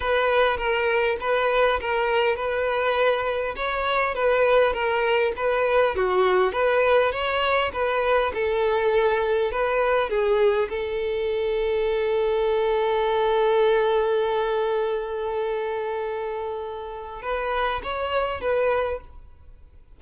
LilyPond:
\new Staff \with { instrumentName = "violin" } { \time 4/4 \tempo 4 = 101 b'4 ais'4 b'4 ais'4 | b'2 cis''4 b'4 | ais'4 b'4 fis'4 b'4 | cis''4 b'4 a'2 |
b'4 gis'4 a'2~ | a'1~ | a'1~ | a'4 b'4 cis''4 b'4 | }